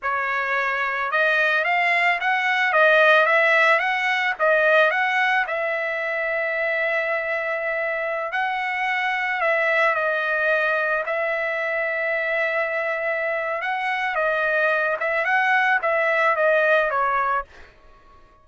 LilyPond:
\new Staff \with { instrumentName = "trumpet" } { \time 4/4 \tempo 4 = 110 cis''2 dis''4 f''4 | fis''4 dis''4 e''4 fis''4 | dis''4 fis''4 e''2~ | e''2.~ e''16 fis''8.~ |
fis''4~ fis''16 e''4 dis''4.~ dis''16~ | dis''16 e''2.~ e''8.~ | e''4 fis''4 dis''4. e''8 | fis''4 e''4 dis''4 cis''4 | }